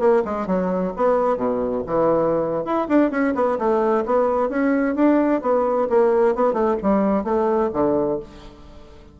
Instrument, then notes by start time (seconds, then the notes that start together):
bassoon
0.00 A#3
0.25 G#3
0.47 F#3
0.97 B3
1.37 B2
1.87 E3
2.65 E4
2.89 D4
3.11 C#4
3.35 B3
3.59 A3
4.06 B3
4.49 C#4
4.96 D4
5.42 B3
5.90 A#3
6.36 B3
6.53 A3
6.82 G3
7.24 A3
7.74 D3